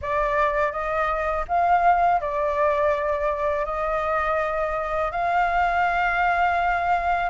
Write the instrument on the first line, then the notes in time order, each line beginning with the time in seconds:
flute
0.01 D5
0.72 D#5
1.48 F5
2.21 D5
3.65 D#5
5.11 F5